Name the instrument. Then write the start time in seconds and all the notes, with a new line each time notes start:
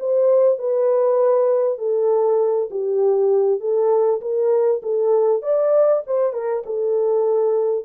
horn
0.00 C5
0.59 B4
1.79 A4
2.71 G4
3.61 A4
4.21 A#4
4.83 A4
5.42 D5
6.07 C5
6.33 A#4
6.66 A4